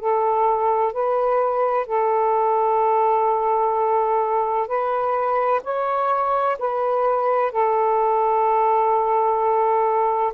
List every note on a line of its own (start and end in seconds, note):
0.00 0.93 A4
0.93 1.87 B4
1.87 4.67 A4
4.67 5.61 B4
5.64 6.58 C#5
6.59 7.52 B4
7.52 10.33 A4